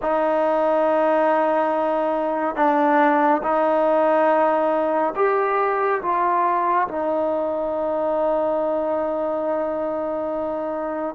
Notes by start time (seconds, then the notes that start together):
0.02 D#4
2.55 D4
3.42 D#4
5.15 G4
6.02 F4
6.88 D#4